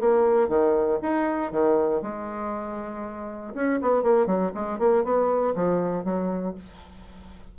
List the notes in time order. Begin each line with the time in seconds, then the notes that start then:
0.00 A#3
0.48 D#3
1.02 D#4
1.51 D#3
2.02 G#3
3.54 C#4
3.82 B3
4.03 A#3
4.26 F#3
4.54 G#3
4.79 A#3
5.04 B3
5.55 F3
6.04 F#3